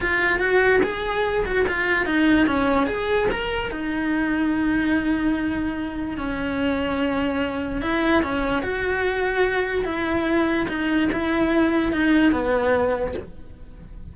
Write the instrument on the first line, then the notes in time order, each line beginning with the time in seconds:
cello
0.01 F4
0.39 F#4
0.83 G#4
1.45 F#4
1.68 F4
2.05 D#4
2.46 C#4
2.86 G#4
3.31 A#4
3.71 D#4
6.17 C#4
7.81 E4
8.22 C#4
8.62 F#4
9.84 E4
10.68 D#4
11.11 E4
11.92 D#4
12.31 B3